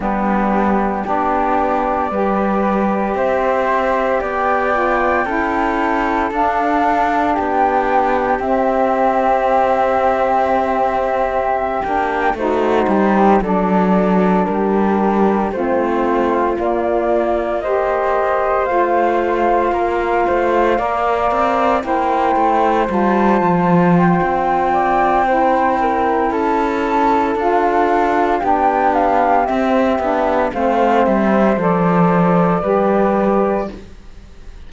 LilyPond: <<
  \new Staff \with { instrumentName = "flute" } { \time 4/4 \tempo 4 = 57 g'4 d''2 e''4 | g''2 f''4 g''4 | e''2.~ e''16 g''8 c''16~ | c''8. d''4 ais'4 c''4 d''16~ |
d''8. dis''4 f''2~ f''16~ | f''8. g''4 a''4 g''4~ g''16~ | g''4 a''4 f''4 g''8 f''8 | e''4 f''8 e''8 d''2 | }
  \new Staff \with { instrumentName = "flute" } { \time 4/4 d'4 g'4 b'4 c''4 | d''4 a'2 g'4~ | g'2.~ g'8. fis'16~ | fis'16 g'8 a'4 g'4 f'4~ f'16~ |
f'8. c''2 ais'8 c''8 d''16~ | d''8. c''2~ c''8. d''8 | c''8 ais'8 a'2 g'4~ | g'4 c''2 b'4 | }
  \new Staff \with { instrumentName = "saxophone" } { \time 4/4 b4 d'4 g'2~ | g'8 f'8 e'4 d'2 | c'2.~ c'16 d'8 dis'16~ | dis'8. d'2 c'4 ais16~ |
ais8. g'4 f'2 ais'16~ | ais'8. e'4 f'2~ f'16 | e'2 f'4 d'4 | c'8 d'8 c'4 a'4 g'4 | }
  \new Staff \with { instrumentName = "cello" } { \time 4/4 g4 b4 g4 c'4 | b4 cis'4 d'4 b4 | c'2.~ c'16 ais8 a16~ | a16 g8 fis4 g4 a4 ais16~ |
ais4.~ ais16 a4 ais8 a8 ais16~ | ais16 c'8 ais8 a8 g8 f8. c'4~ | c'4 cis'4 d'4 b4 | c'8 b8 a8 g8 f4 g4 | }
>>